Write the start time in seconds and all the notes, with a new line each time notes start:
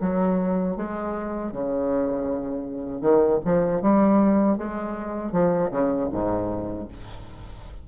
0.00 F#3
0.76 G#3
1.52 C#3
3.01 D#3
3.45 F3
3.81 G3
4.57 G#3
5.32 F3
5.71 C#3
6.12 G#2